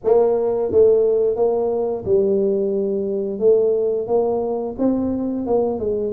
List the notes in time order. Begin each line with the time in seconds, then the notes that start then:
0.04 A#3
0.71 A3
1.36 A#3
2.05 G3
3.39 A3
4.07 A#3
4.78 C4
5.46 A#3
5.79 G#3